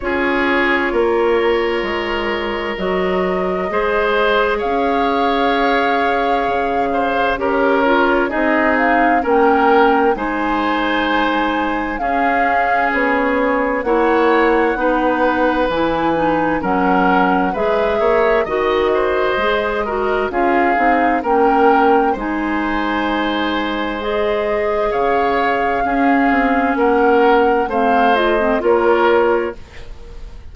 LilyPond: <<
  \new Staff \with { instrumentName = "flute" } { \time 4/4 \tempo 4 = 65 cis''2. dis''4~ | dis''4 f''2. | cis''4 dis''8 f''8 g''4 gis''4~ | gis''4 f''4 cis''4 fis''4~ |
fis''4 gis''4 fis''4 e''4 | dis''2 f''4 g''4 | gis''2 dis''4 f''4~ | f''4 fis''4 f''8 dis''8 cis''4 | }
  \new Staff \with { instrumentName = "oboe" } { \time 4/4 gis'4 ais'2. | c''4 cis''2~ cis''8 c''8 | ais'4 gis'4 ais'4 c''4~ | c''4 gis'2 cis''4 |
b'2 ais'4 b'8 cis''8 | dis''8 c''4 ais'8 gis'4 ais'4 | c''2. cis''4 | gis'4 ais'4 c''4 ais'4 | }
  \new Staff \with { instrumentName = "clarinet" } { \time 4/4 f'2. fis'4 | gis'1 | g'8 f'8 dis'4 cis'4 dis'4~ | dis'4 cis'2 e'4 |
dis'4 e'8 dis'8 cis'4 gis'4 | fis'4 gis'8 fis'8 f'8 dis'8 cis'4 | dis'2 gis'2 | cis'2 c'8 f'16 c'16 f'4 | }
  \new Staff \with { instrumentName = "bassoon" } { \time 4/4 cis'4 ais4 gis4 fis4 | gis4 cis'2 cis4 | cis'4 c'4 ais4 gis4~ | gis4 cis'4 b4 ais4 |
b4 e4 fis4 gis8 ais8 | dis4 gis4 cis'8 c'8 ais4 | gis2. cis4 | cis'8 c'8 ais4 a4 ais4 | }
>>